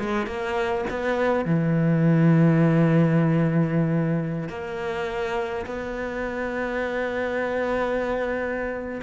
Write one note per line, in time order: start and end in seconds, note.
0.00 0.27 G#3
0.27 0.85 A#3
0.90 1.46 B3
1.46 4.49 E3
4.49 5.66 A#3
5.66 9.01 B3